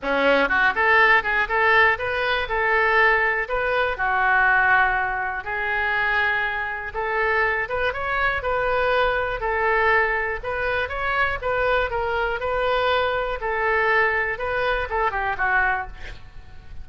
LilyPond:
\new Staff \with { instrumentName = "oboe" } { \time 4/4 \tempo 4 = 121 cis'4 fis'8 a'4 gis'8 a'4 | b'4 a'2 b'4 | fis'2. gis'4~ | gis'2 a'4. b'8 |
cis''4 b'2 a'4~ | a'4 b'4 cis''4 b'4 | ais'4 b'2 a'4~ | a'4 b'4 a'8 g'8 fis'4 | }